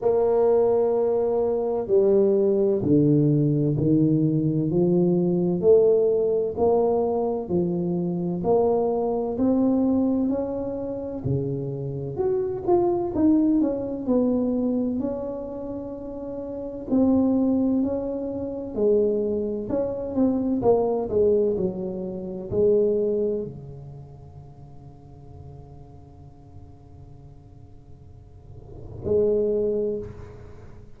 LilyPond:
\new Staff \with { instrumentName = "tuba" } { \time 4/4 \tempo 4 = 64 ais2 g4 d4 | dis4 f4 a4 ais4 | f4 ais4 c'4 cis'4 | cis4 fis'8 f'8 dis'8 cis'8 b4 |
cis'2 c'4 cis'4 | gis4 cis'8 c'8 ais8 gis8 fis4 | gis4 cis2.~ | cis2. gis4 | }